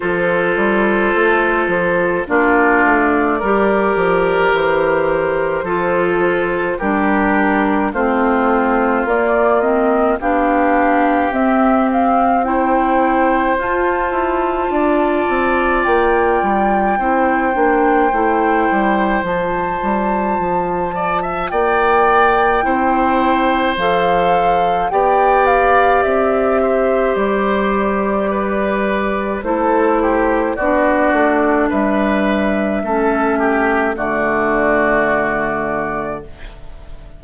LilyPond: <<
  \new Staff \with { instrumentName = "flute" } { \time 4/4 \tempo 4 = 53 c''2 d''2 | c''2 ais'4 c''4 | d''8 dis''8 f''4 e''8 f''8 g''4 | a''2 g''2~ |
g''4 a''2 g''4~ | g''4 f''4 g''8 f''8 e''4 | d''2 c''4 d''4 | e''2 d''2 | }
  \new Staff \with { instrumentName = "oboe" } { \time 4/4 a'2 f'4 ais'4~ | ais'4 a'4 g'4 f'4~ | f'4 g'2 c''4~ | c''4 d''2 c''4~ |
c''2~ c''8 d''16 e''16 d''4 | c''2 d''4. c''8~ | c''4 b'4 a'8 g'8 fis'4 | b'4 a'8 g'8 fis'2 | }
  \new Staff \with { instrumentName = "clarinet" } { \time 4/4 f'2 d'4 g'4~ | g'4 f'4 d'4 c'4 | ais8 c'8 d'4 c'4 e'4 | f'2. e'8 d'8 |
e'4 f'2. | e'4 a'4 g'2~ | g'2 e'4 d'4~ | d'4 cis'4 a2 | }
  \new Staff \with { instrumentName = "bassoon" } { \time 4/4 f8 g8 a8 f8 ais8 a8 g8 f8 | e4 f4 g4 a4 | ais4 b4 c'2 | f'8 e'8 d'8 c'8 ais8 g8 c'8 ais8 |
a8 g8 f8 g8 f4 ais4 | c'4 f4 b4 c'4 | g2 a4 b8 a8 | g4 a4 d2 | }
>>